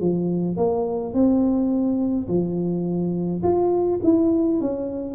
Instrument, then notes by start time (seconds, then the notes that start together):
tuba
0.00 F3
0.56 A#3
1.13 C4
2.28 F3
3.43 F4
4.03 E4
4.61 C#4